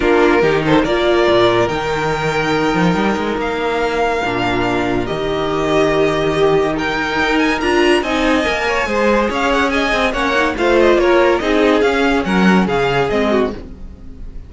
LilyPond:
<<
  \new Staff \with { instrumentName = "violin" } { \time 4/4 \tempo 4 = 142 ais'4. c''8 d''2 | g''1 | f''1 | dis''1 |
g''4. gis''8 ais''4 gis''4~ | gis''2 f''8 fis''8 gis''4 | fis''4 f''8 dis''8 cis''4 dis''4 | f''4 fis''4 f''4 dis''4 | }
  \new Staff \with { instrumentName = "violin" } { \time 4/4 f'4 g'8 a'8 ais'2~ | ais'1~ | ais'1~ | ais'2. g'4 |
ais'2. dis''4~ | dis''8 cis''8 c''4 cis''4 dis''4 | cis''4 c''4 ais'4 gis'4~ | gis'4 ais'4 gis'4. fis'8 | }
  \new Staff \with { instrumentName = "viola" } { \time 4/4 d'4 dis'4 f'2 | dis'1~ | dis'2 d'2 | g'1 |
dis'2 f'4 dis'4 | ais'4 gis'2. | cis'8 dis'8 f'2 dis'4 | cis'2. c'4 | }
  \new Staff \with { instrumentName = "cello" } { \time 4/4 ais4 dis4 ais4 ais,4 | dis2~ dis8 f8 g8 gis8 | ais2 ais,2 | dis1~ |
dis4 dis'4 d'4 c'4 | ais4 gis4 cis'4. c'8 | ais4 a4 ais4 c'4 | cis'4 fis4 cis4 gis4 | }
>>